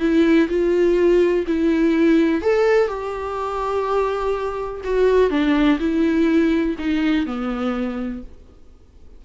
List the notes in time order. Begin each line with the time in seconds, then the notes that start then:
0.00 E4
0.49 F4
1.47 E4
2.42 A4
2.88 G4
4.84 F#4
5.30 D4
5.80 E4
6.79 D#4
7.26 B3